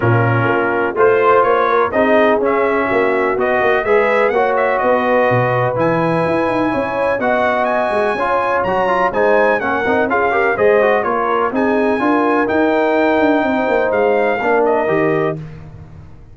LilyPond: <<
  \new Staff \with { instrumentName = "trumpet" } { \time 4/4 \tempo 4 = 125 ais'2 c''4 cis''4 | dis''4 e''2 dis''4 | e''4 fis''8 e''8 dis''2 | gis''2. fis''4 |
gis''2 ais''4 gis''4 | fis''4 f''4 dis''4 cis''4 | gis''2 g''2~ | g''4 f''4. dis''4. | }
  \new Staff \with { instrumentName = "horn" } { \time 4/4 f'2 c''4. ais'8 | gis'2 fis'2 | b'4 cis''4 b'2~ | b'2 cis''4 dis''4~ |
dis''4 cis''2 c''4 | ais'4 gis'8 ais'8 c''4 ais'4 | gis'4 ais'2. | c''2 ais'2 | }
  \new Staff \with { instrumentName = "trombone" } { \time 4/4 cis'2 f'2 | dis'4 cis'2 fis'4 | gis'4 fis'2. | e'2. fis'4~ |
fis'4 f'4 fis'8 f'8 dis'4 | cis'8 dis'8 f'8 g'8 gis'8 fis'8 f'4 | dis'4 f'4 dis'2~ | dis'2 d'4 g'4 | }
  \new Staff \with { instrumentName = "tuba" } { \time 4/4 ais,4 ais4 a4 ais4 | c'4 cis'4 ais4 b8 ais8 | gis4 ais4 b4 b,4 | e4 e'8 dis'8 cis'4 b4~ |
b8 gis8 cis'4 fis4 gis4 | ais8 c'8 cis'4 gis4 ais4 | c'4 d'4 dis'4. d'8 | c'8 ais8 gis4 ais4 dis4 | }
>>